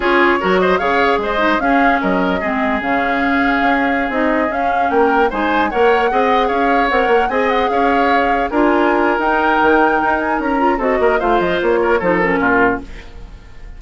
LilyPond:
<<
  \new Staff \with { instrumentName = "flute" } { \time 4/4 \tempo 4 = 150 cis''4. dis''8 f''4 dis''4 | f''4 dis''2 f''4~ | f''2~ f''16 dis''4 f''8.~ | f''16 g''4 gis''4 fis''4.~ fis''16~ |
fis''16 f''4 fis''4 gis''8 fis''8 f''8.~ | f''4~ f''16 gis''4.~ gis''16 g''4~ | g''4. gis''8 ais''4 dis''4 | f''8 dis''8 cis''4 c''8 ais'4. | }
  \new Staff \with { instrumentName = "oboe" } { \time 4/4 gis'4 ais'8 c''8 cis''4 c''4 | gis'4 ais'4 gis'2~ | gis'1~ | gis'16 ais'4 c''4 cis''4 dis''8.~ |
dis''16 cis''2 dis''4 cis''8.~ | cis''4~ cis''16 ais'2~ ais'8.~ | ais'2. a'8 ais'8 | c''4. ais'8 a'4 f'4 | }
  \new Staff \with { instrumentName = "clarinet" } { \time 4/4 f'4 fis'4 gis'4. dis'8 | cis'2 c'4 cis'4~ | cis'2~ cis'16 dis'4 cis'8.~ | cis'4~ cis'16 dis'4 ais'4 gis'8.~ |
gis'4~ gis'16 ais'4 gis'4.~ gis'16~ | gis'4~ gis'16 f'4.~ f'16 dis'4~ | dis'2~ dis'8 f'8 fis'4 | f'2 dis'8 cis'4. | }
  \new Staff \with { instrumentName = "bassoon" } { \time 4/4 cis'4 fis4 cis4 gis4 | cis'4 fis4 gis4 cis4~ | cis4 cis'4~ cis'16 c'4 cis'8.~ | cis'16 ais4 gis4 ais4 c'8.~ |
c'16 cis'4 c'8 ais8 c'4 cis'8.~ | cis'4~ cis'16 d'4.~ d'16 dis'4 | dis4 dis'4 cis'4 c'8 ais8 | a8 f8 ais4 f4 ais,4 | }
>>